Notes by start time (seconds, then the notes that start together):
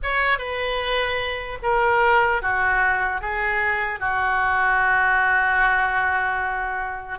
0.02 C#5
0.38 B4
1.62 A#4
2.41 F#4
3.21 G#4
3.99 F#4